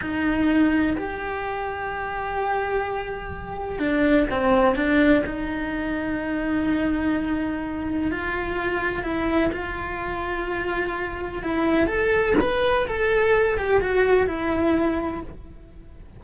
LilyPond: \new Staff \with { instrumentName = "cello" } { \time 4/4 \tempo 4 = 126 dis'2 g'2~ | g'1 | d'4 c'4 d'4 dis'4~ | dis'1~ |
dis'4 f'2 e'4 | f'1 | e'4 a'4 b'4 a'4~ | a'8 g'8 fis'4 e'2 | }